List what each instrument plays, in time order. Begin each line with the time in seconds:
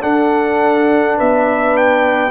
0.00 trombone D4, tuba D4, horn A4, trumpet F#5
1.17 tuba B3, horn B4, trumpet E5
1.77 trumpet G5